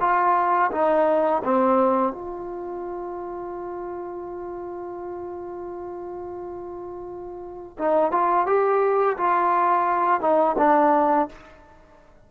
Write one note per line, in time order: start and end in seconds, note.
0.00 0.71 F4
0.72 1.42 D#4
1.44 2.12 C4
2.12 7.77 F4
7.78 8.11 D#4
8.11 8.46 F4
8.46 9.17 G4
9.17 10.21 F4
10.21 10.56 D#4
10.58 11.29 D4